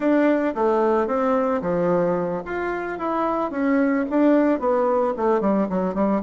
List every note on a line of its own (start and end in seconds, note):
0.00 0.54 D4
0.55 1.07 A3
1.07 1.61 C4
1.61 2.42 F3
2.45 2.98 F4
2.98 3.51 E4
3.51 4.05 C#4
4.10 4.59 D4
4.59 5.13 B3
5.16 5.40 A3
5.40 5.67 G3
5.69 5.94 F#3
5.94 6.21 G3